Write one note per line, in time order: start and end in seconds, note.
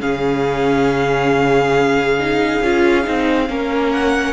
0.00 2.62 C#3
0.00 2.17 C#4
0.00 3.48 G#4
0.00 3.92 F5
2.19 2.63 D#4
2.62 3.06 C#4
2.62 3.03 F4
3.03 3.50 C4
3.03 3.47 D#4
3.49 4.33 A#3
3.49 4.33 C#4
3.49 4.33 A#4
3.92 4.33 F#5